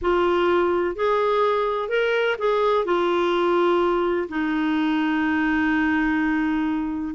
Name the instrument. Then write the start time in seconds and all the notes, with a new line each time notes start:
clarinet
0.01 F4
0.95 G#4
1.88 A#4
2.38 G#4
2.85 F4
4.29 D#4